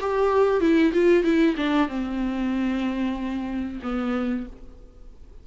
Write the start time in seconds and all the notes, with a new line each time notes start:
0.00 G4
0.60 E4
0.93 F4
1.24 E4
1.56 D4
1.88 C4
3.83 B3